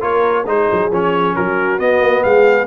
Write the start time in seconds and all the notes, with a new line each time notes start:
0.00 A#3 F4 A#4 C#5
0.46 G#3 D#4 G#4 C5
0.71 F#3
0.91 F3 C#4 C#5
1.35 F#3 F#4 A#4
1.78 B3 D#5
2.00 A#3
2.23 G#3 G#4 F5